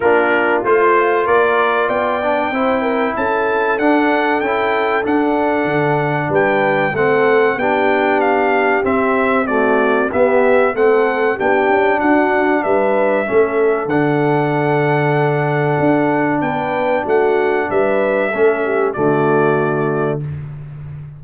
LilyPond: <<
  \new Staff \with { instrumentName = "trumpet" } { \time 4/4 \tempo 4 = 95 ais'4 c''4 d''4 g''4~ | g''4 a''4 fis''4 g''4 | fis''2 g''4 fis''4 | g''4 f''4 e''4 d''4 |
e''4 fis''4 g''4 fis''4 | e''2 fis''2~ | fis''2 g''4 fis''4 | e''2 d''2 | }
  \new Staff \with { instrumentName = "horn" } { \time 4/4 f'2 ais'4 d''4 | c''8 ais'8 a'2.~ | a'2 b'4 a'4 | g'2. fis'4 |
g'4 a'4 g'4 fis'4 | b'4 a'2.~ | a'2 b'4 fis'4 | b'4 a'8 g'8 fis'2 | }
  \new Staff \with { instrumentName = "trombone" } { \time 4/4 d'4 f'2~ f'8 d'8 | e'2 d'4 e'4 | d'2. c'4 | d'2 c'4 a4 |
b4 c'4 d'2~ | d'4 cis'4 d'2~ | d'1~ | d'4 cis'4 a2 | }
  \new Staff \with { instrumentName = "tuba" } { \time 4/4 ais4 a4 ais4 b4 | c'4 cis'4 d'4 cis'4 | d'4 d4 g4 a4 | b2 c'2 |
b4 a4 b8 cis'8 d'4 | g4 a4 d2~ | d4 d'4 b4 a4 | g4 a4 d2 | }
>>